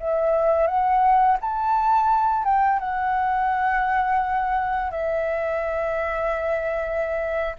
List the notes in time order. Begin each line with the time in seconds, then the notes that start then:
0.00 E5
0.67 F#5
1.41 A5
2.44 G5
2.80 F#5
4.92 E5